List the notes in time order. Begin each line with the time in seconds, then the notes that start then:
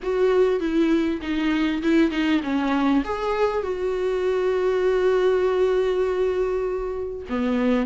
0.02 F#4
0.60 E4
1.21 D#4
1.82 E4
2.10 D#4
2.43 C#4
3.04 G#4
3.62 F#4
7.29 B3